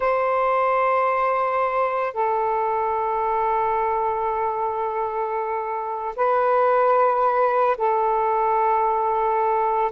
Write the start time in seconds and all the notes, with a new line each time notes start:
0.00 C5
2.13 A4
6.16 B4
7.77 A4